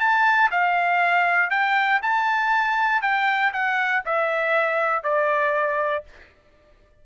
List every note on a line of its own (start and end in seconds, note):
0.00 0.50 A5
0.51 1.51 F5
1.51 2.01 G5
2.03 3.02 A5
3.02 3.52 G5
3.53 4.03 F#5
4.06 5.04 E5
5.04 6.04 D5